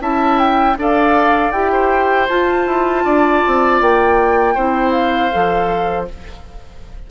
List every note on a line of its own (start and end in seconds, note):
0.00 0.76 C#4
0.00 0.76 E4
0.00 0.78 E5
0.00 0.39 A5
0.39 0.77 G5
0.77 1.52 D4
0.77 1.54 A4
0.77 1.72 D5
0.77 1.52 F5
1.52 2.28 E4
1.52 2.30 G4
1.52 2.28 G5
1.72 3.05 C5
2.29 4.57 F4
2.29 2.67 F4
2.29 3.81 A5
2.67 3.05 E4
3.05 3.43 D4
3.05 4.55 D5
3.47 3.81 C4
3.81 4.56 A#3
3.81 4.91 G5
4.55 5.32 C4
4.55 5.32 E4
4.55 6.07 C5
4.91 6.05 F5
5.32 6.10 F3
5.32 6.08 A4